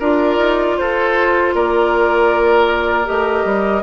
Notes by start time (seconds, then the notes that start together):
0.00 D4 F4 A#4 D5
0.39 D#4
0.78 F4 A4 C5
1.55 A#3 A#4 D5
3.05 A3 G4 D#5
3.45 G3